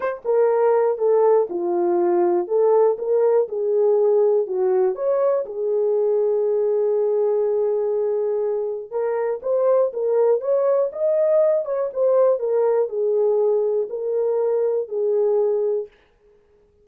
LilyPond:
\new Staff \with { instrumentName = "horn" } { \time 4/4 \tempo 4 = 121 c''8 ais'4. a'4 f'4~ | f'4 a'4 ais'4 gis'4~ | gis'4 fis'4 cis''4 gis'4~ | gis'1~ |
gis'2 ais'4 c''4 | ais'4 cis''4 dis''4. cis''8 | c''4 ais'4 gis'2 | ais'2 gis'2 | }